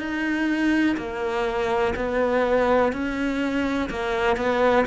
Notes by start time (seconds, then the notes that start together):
0.00 D#4
0.98 A#3
1.96 B3
2.93 C#4
3.91 A#3
4.37 B3